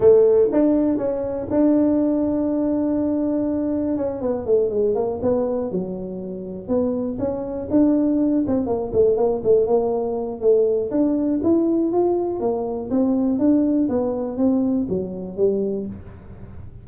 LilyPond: \new Staff \with { instrumentName = "tuba" } { \time 4/4 \tempo 4 = 121 a4 d'4 cis'4 d'4~ | d'1 | cis'8 b8 a8 gis8 ais8 b4 fis8~ | fis4. b4 cis'4 d'8~ |
d'4 c'8 ais8 a8 ais8 a8 ais8~ | ais4 a4 d'4 e'4 | f'4 ais4 c'4 d'4 | b4 c'4 fis4 g4 | }